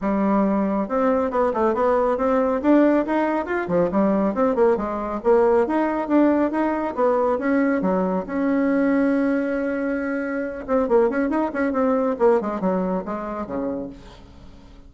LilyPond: \new Staff \with { instrumentName = "bassoon" } { \time 4/4 \tempo 4 = 138 g2 c'4 b8 a8 | b4 c'4 d'4 dis'4 | f'8 f8 g4 c'8 ais8 gis4 | ais4 dis'4 d'4 dis'4 |
b4 cis'4 fis4 cis'4~ | cis'1~ | cis'8 c'8 ais8 cis'8 dis'8 cis'8 c'4 | ais8 gis8 fis4 gis4 cis4 | }